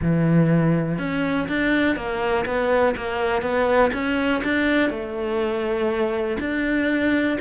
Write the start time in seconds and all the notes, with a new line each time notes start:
0.01 E3
0.98 C#4
1.48 D4
1.96 A#3
2.45 B3
2.96 A#3
3.42 B3
3.93 C#4
4.44 D4
4.90 A3
6.39 D4